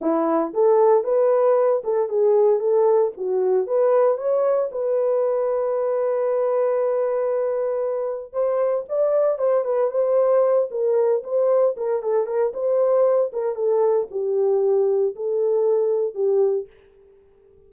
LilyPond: \new Staff \with { instrumentName = "horn" } { \time 4/4 \tempo 4 = 115 e'4 a'4 b'4. a'8 | gis'4 a'4 fis'4 b'4 | cis''4 b'2.~ | b'1 |
c''4 d''4 c''8 b'8 c''4~ | c''8 ais'4 c''4 ais'8 a'8 ais'8 | c''4. ais'8 a'4 g'4~ | g'4 a'2 g'4 | }